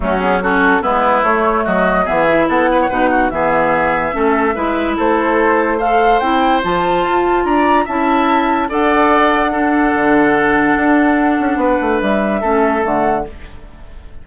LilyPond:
<<
  \new Staff \with { instrumentName = "flute" } { \time 4/4 \tempo 4 = 145 fis'8 gis'8 a'4 b'4 cis''4 | dis''4 e''4 fis''2 | e''1 | c''2 f''4 g''4 |
a''2 ais''4 a''4~ | a''4 fis''2.~ | fis''1~ | fis''4 e''2 fis''4 | }
  \new Staff \with { instrumentName = "oboe" } { \time 4/4 cis'4 fis'4 e'2 | fis'4 gis'4 a'8 b'16 cis''16 b'8 fis'8 | gis'2 a'4 b'4 | a'2 c''2~ |
c''2 d''4 e''4~ | e''4 d''2 a'4~ | a'1 | b'2 a'2 | }
  \new Staff \with { instrumentName = "clarinet" } { \time 4/4 a8 b8 cis'4 b4 a4~ | a4 b8 e'4. dis'4 | b2 cis'4 e'4~ | e'2 a'4 e'4 |
f'2. e'4~ | e'4 a'2 d'4~ | d'1~ | d'2 cis'4 a4 | }
  \new Staff \with { instrumentName = "bassoon" } { \time 4/4 fis2 gis4 a4 | fis4 e4 b4 b,4 | e2 a4 gis4 | a2. c'4 |
f4 f'4 d'4 cis'4~ | cis'4 d'2. | d2 d'4. cis'8 | b8 a8 g4 a4 d4 | }
>>